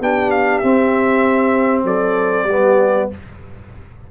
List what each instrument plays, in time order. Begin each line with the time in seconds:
0.00 tuba B3, trombone D4, horn G4, trumpet G5
0.31 trumpet F5
0.58 tuba C4, trombone C4, trumpet E5
1.84 tuba F#3, horn A4, trumpet D5
2.44 tuba G3, trombone B3, horn G4